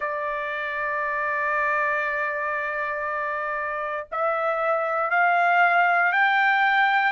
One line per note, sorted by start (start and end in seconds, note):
0.00 4.06 D5
4.11 5.10 E5
5.10 6.12 F5
6.12 7.12 G5